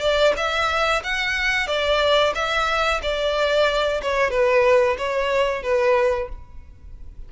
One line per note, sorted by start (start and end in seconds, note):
0.00 0.33 D5
0.37 1.02 E5
1.03 1.67 F#5
1.67 2.33 D5
2.35 3.01 E5
3.02 4.01 D5
4.02 4.30 C#5
4.30 4.96 B4
4.98 5.63 C#5
5.63 6.29 B4